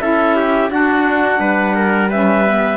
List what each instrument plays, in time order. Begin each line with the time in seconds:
0.00 cello C#4, saxophone E4, trumpet A4, clarinet E5
0.36 trumpet G4
0.69 saxophone D4, cello D4, trumpet F#4, clarinet F#5
1.39 cello G3, trumpet B4
1.75 trumpet A#4
2.10 saxophone C#4, trumpet B4, clarinet E5
2.46 saxophone B3